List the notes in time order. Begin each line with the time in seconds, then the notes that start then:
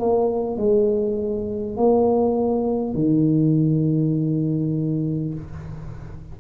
0.00 A#3
0.57 G#3
1.77 A#3
2.95 D#3